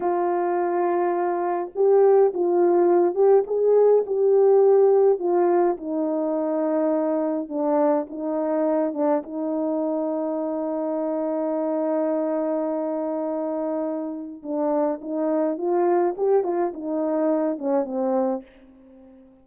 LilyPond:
\new Staff \with { instrumentName = "horn" } { \time 4/4 \tempo 4 = 104 f'2. g'4 | f'4. g'8 gis'4 g'4~ | g'4 f'4 dis'2~ | dis'4 d'4 dis'4. d'8 |
dis'1~ | dis'1~ | dis'4 d'4 dis'4 f'4 | g'8 f'8 dis'4. cis'8 c'4 | }